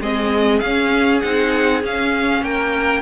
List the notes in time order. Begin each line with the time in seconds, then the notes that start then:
0.00 G#3 C4 G#4 D#5
0.59 C#4 F5
1.20 C4 D#4 F#5
1.82 C#4 F5
2.41 A#3 A#4 G5